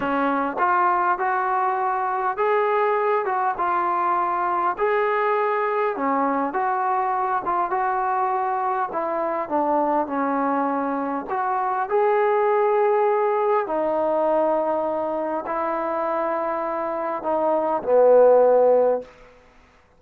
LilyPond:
\new Staff \with { instrumentName = "trombone" } { \time 4/4 \tempo 4 = 101 cis'4 f'4 fis'2 | gis'4. fis'8 f'2 | gis'2 cis'4 fis'4~ | fis'8 f'8 fis'2 e'4 |
d'4 cis'2 fis'4 | gis'2. dis'4~ | dis'2 e'2~ | e'4 dis'4 b2 | }